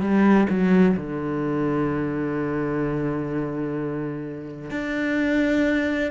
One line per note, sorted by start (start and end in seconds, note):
0.00 0.47 G3
0.49 0.96 F#3
0.96 4.70 D3
4.70 6.11 D4